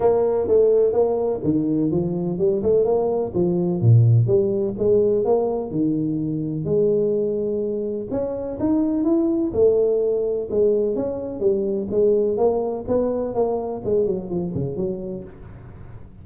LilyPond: \new Staff \with { instrumentName = "tuba" } { \time 4/4 \tempo 4 = 126 ais4 a4 ais4 dis4 | f4 g8 a8 ais4 f4 | ais,4 g4 gis4 ais4 | dis2 gis2~ |
gis4 cis'4 dis'4 e'4 | a2 gis4 cis'4 | g4 gis4 ais4 b4 | ais4 gis8 fis8 f8 cis8 fis4 | }